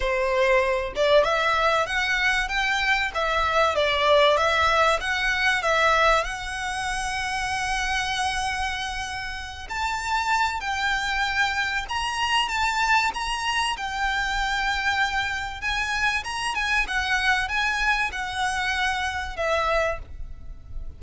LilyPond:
\new Staff \with { instrumentName = "violin" } { \time 4/4 \tempo 4 = 96 c''4. d''8 e''4 fis''4 | g''4 e''4 d''4 e''4 | fis''4 e''4 fis''2~ | fis''2.~ fis''8 a''8~ |
a''4 g''2 ais''4 | a''4 ais''4 g''2~ | g''4 gis''4 ais''8 gis''8 fis''4 | gis''4 fis''2 e''4 | }